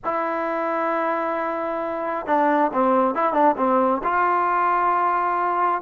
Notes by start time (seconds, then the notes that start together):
0.04 E4
2.26 D4
2.73 C4
3.14 E4
3.33 D4
3.57 C4
4.03 F4